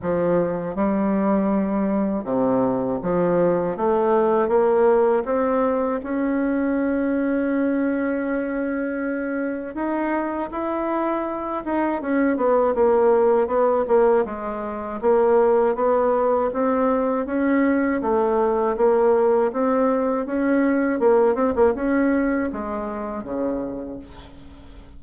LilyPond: \new Staff \with { instrumentName = "bassoon" } { \time 4/4 \tempo 4 = 80 f4 g2 c4 | f4 a4 ais4 c'4 | cis'1~ | cis'4 dis'4 e'4. dis'8 |
cis'8 b8 ais4 b8 ais8 gis4 | ais4 b4 c'4 cis'4 | a4 ais4 c'4 cis'4 | ais8 c'16 ais16 cis'4 gis4 cis4 | }